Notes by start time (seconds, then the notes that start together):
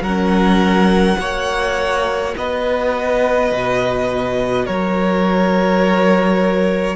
0.00 F#3 C#4 A#4 F#5
1.19 A#3 F#4 C#5
2.37 B3 B4 D#5
3.52 B2
4.65 F#3 A#4 C#5